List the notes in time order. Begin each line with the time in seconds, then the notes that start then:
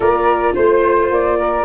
0.00 A#3 F4 A#4 D5
0.54 A3 C5
1.10 A#3 D5
1.39 A#4